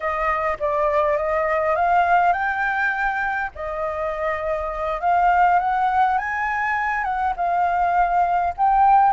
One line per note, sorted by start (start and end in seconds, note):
0.00 0.57 D#5
0.59 1.17 D5
1.17 1.75 D#5
1.75 2.32 F5
2.32 3.50 G5
3.55 5.00 D#5
5.00 5.59 F5
5.59 6.17 F#5
6.17 7.03 G#5
7.03 7.33 F#5
7.36 8.54 F5
8.57 9.13 G5